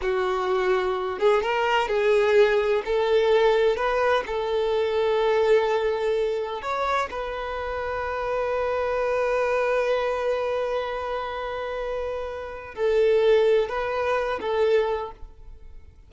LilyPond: \new Staff \with { instrumentName = "violin" } { \time 4/4 \tempo 4 = 127 fis'2~ fis'8 gis'8 ais'4 | gis'2 a'2 | b'4 a'2.~ | a'2 cis''4 b'4~ |
b'1~ | b'1~ | b'2. a'4~ | a'4 b'4. a'4. | }